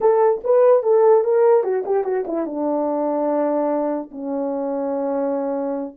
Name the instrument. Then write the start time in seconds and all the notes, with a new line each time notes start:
horn
0.01 A4
0.44 B4
0.82 A4
1.24 A#4
1.63 F#4
1.85 G4
2.04 F#4
2.27 E4
2.46 D4
4.11 C#4